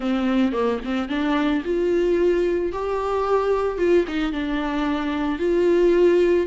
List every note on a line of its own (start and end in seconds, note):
0.00 0.52 C4
0.52 0.79 A#3
0.84 1.09 C4
1.09 1.63 D4
1.64 2.72 F4
2.72 3.78 G4
3.78 4.05 F4
4.07 4.32 D#4
4.32 5.38 D4
5.38 6.46 F4